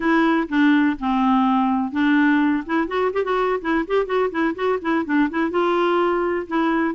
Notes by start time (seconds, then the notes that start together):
0.00 E4
0.48 D4
0.99 C4
1.92 D4
2.65 E4
2.87 F#4
3.13 G4
3.24 F#4
3.61 E4
3.87 G4
4.06 F#4
4.30 E4
4.55 F#4
4.81 E4
5.05 D4
5.30 E4
5.50 F4
6.47 E4